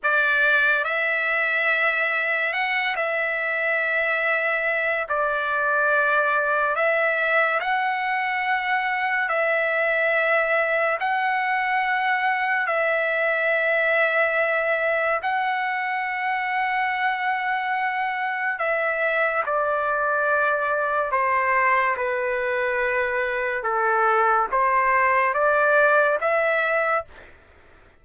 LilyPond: \new Staff \with { instrumentName = "trumpet" } { \time 4/4 \tempo 4 = 71 d''4 e''2 fis''8 e''8~ | e''2 d''2 | e''4 fis''2 e''4~ | e''4 fis''2 e''4~ |
e''2 fis''2~ | fis''2 e''4 d''4~ | d''4 c''4 b'2 | a'4 c''4 d''4 e''4 | }